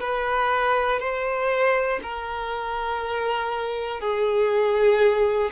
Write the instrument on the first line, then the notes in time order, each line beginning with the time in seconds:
violin
0.00 B4
1.00 C5
2.03 A#4
4.00 G#4